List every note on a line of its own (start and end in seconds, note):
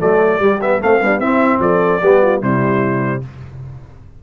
0.00 0.39 F#3
0.00 0.40 A3
0.00 0.40 A4
0.00 0.61 D5
0.39 0.80 G3
0.39 0.60 G3
0.39 0.81 G4
0.61 0.80 B3
0.61 0.82 E5
0.80 1.00 A3
0.80 1.02 A3
0.80 1.02 C4
0.80 1.20 F5
1.01 1.21 G3
1.01 1.19 B3
1.01 1.19 D4
1.19 1.59 C4
1.19 2.02 C4
1.19 1.59 E4
1.19 1.60 E5
1.59 2.00 F3
1.59 2.02 A4
1.59 2.42 D5
2.02 2.42 G3
2.02 2.41 B3
2.02 2.22 G4
2.22 2.40 F4
2.40 3.23 C3
2.40 3.22 G3
2.40 3.21 E4
2.40 3.23 C5